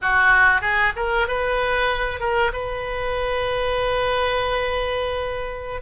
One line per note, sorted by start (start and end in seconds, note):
0.01 0.61 F#4
0.61 0.92 G#4
0.96 1.27 A#4
1.27 2.20 B4
2.20 2.51 A#4
2.52 5.81 B4